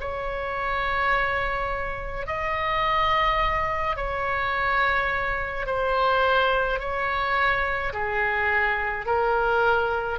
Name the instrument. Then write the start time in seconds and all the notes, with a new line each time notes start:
oboe
0.00 C#5
2.26 D#5
3.96 C#5
5.66 C5
6.79 C#5
7.93 G#4
9.06 A#4